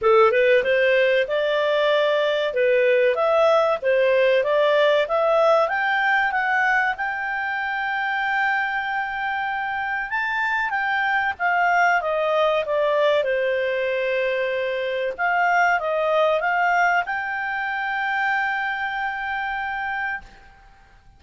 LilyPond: \new Staff \with { instrumentName = "clarinet" } { \time 4/4 \tempo 4 = 95 a'8 b'8 c''4 d''2 | b'4 e''4 c''4 d''4 | e''4 g''4 fis''4 g''4~ | g''1 |
a''4 g''4 f''4 dis''4 | d''4 c''2. | f''4 dis''4 f''4 g''4~ | g''1 | }